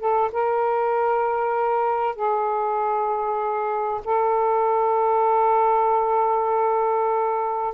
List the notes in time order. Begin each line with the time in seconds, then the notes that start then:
0.00 A4
0.33 A#4
2.16 G#4
4.05 A4